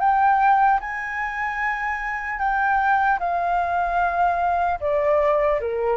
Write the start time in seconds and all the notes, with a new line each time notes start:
0.00 G5
0.80 G#5
2.39 G5
3.20 F5
4.80 D5
5.61 A#4